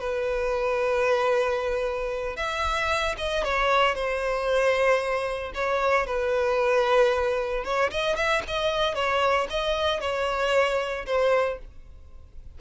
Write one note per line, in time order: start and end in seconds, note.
0.00 2.37 B4
2.37 3.16 E5
3.18 3.44 D#5
3.44 3.95 C#5
3.95 5.53 C5
5.55 6.07 C#5
6.07 7.64 B4
7.64 7.91 C#5
7.91 8.16 D#5
8.16 8.43 E5
8.48 8.95 D#5
8.95 9.48 C#5
9.50 10.01 D#5
10.01 11.06 C#5
11.06 11.59 C5